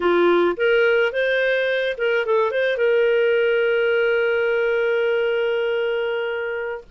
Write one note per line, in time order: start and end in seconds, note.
0.00 0.56 F4
0.56 1.12 A#4
1.12 1.96 C5
1.97 2.25 A#4
2.25 2.51 A4
2.51 2.77 C5
2.77 6.83 A#4